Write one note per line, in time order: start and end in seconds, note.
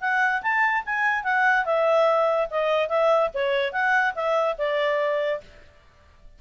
0.00 0.41 F#5
0.42 0.83 A5
0.85 1.23 G#5
1.23 1.65 F#5
1.65 2.48 E5
2.50 2.88 D#5
2.88 3.30 E5
3.34 3.72 C#5
3.72 4.14 F#5
4.14 4.56 E5
4.57 5.40 D5